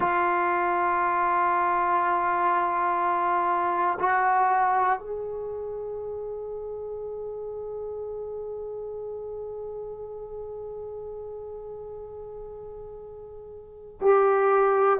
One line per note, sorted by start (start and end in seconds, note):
0.00 3.98 F4
3.99 4.99 F#4
5.00 14.00 G#4
14.00 14.99 G4